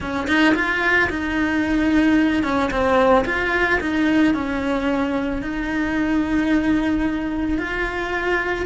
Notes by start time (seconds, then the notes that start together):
0.00 C#4
0.27 D#4
0.54 F4
1.09 D#4
2.43 C#4
2.70 C4
3.25 F4
3.80 D#4
4.34 C#4
5.42 D#4
7.57 F4